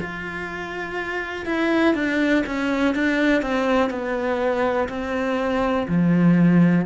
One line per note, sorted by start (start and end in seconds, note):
0.00 1.45 F4
1.45 1.94 E4
1.94 2.44 D4
2.46 2.95 C#4
2.95 3.42 D4
3.42 3.90 C4
3.90 4.88 B3
4.89 5.87 C4
5.87 6.86 F3